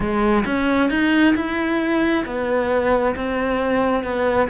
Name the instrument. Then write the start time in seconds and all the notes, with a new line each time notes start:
cello
0.00 G#3
0.45 C#4
0.90 D#4
1.35 E4
2.25 B3
3.15 C4
4.03 B3